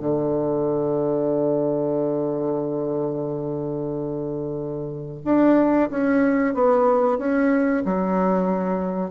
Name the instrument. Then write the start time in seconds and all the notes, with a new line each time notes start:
bassoon
0.00 D3
5.24 D4
5.90 C#4
6.54 B3
7.18 C#4
7.85 F#3